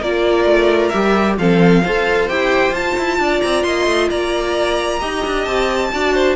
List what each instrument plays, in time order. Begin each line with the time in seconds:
0.00 cello A#3, viola F4, violin A#4 D5
0.45 cello A3
0.89 cello G3, viola G4, violin E5
1.38 cello F3, viola C4, violin A4 F5
1.82 cello F4, viola A4, violin C5
2.29 cello E4, viola G4, violin G5
2.70 cello F4, viola F4, violin A5
2.98 cello E4
3.19 cello D4, violin D5
3.41 cello C4, violin A#5
3.63 cello A#3, violin D#5 C6
3.86 cello A3
4.10 cello A#3, violin D5 A#5
4.99 cello D#4, viola G4, violin D#5
5.26 cello D4
5.45 cello C4, violin A5
5.93 cello D4, viola F#4, violin D5
6.14 violin C5